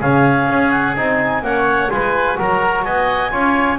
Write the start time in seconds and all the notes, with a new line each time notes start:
0.00 C#3 C#4 G#4 F5
0.49 C#4
0.71 F#5
0.96 C4 D#4 G#5
1.42 A#3 C#4 C#5 F#5
1.90 G#3 F4 B4 G#5
2.36 F#3 F#4 A#4 A#5
2.84 B3 D#5 G#5
3.31 C#4 F4 C#5